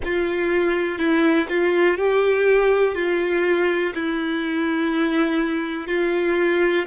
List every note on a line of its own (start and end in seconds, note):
0.04 0.98 F4
0.98 1.47 E4
1.49 1.97 F4
1.97 2.94 G4
2.94 3.93 F4
3.94 5.87 E4
5.87 6.85 F4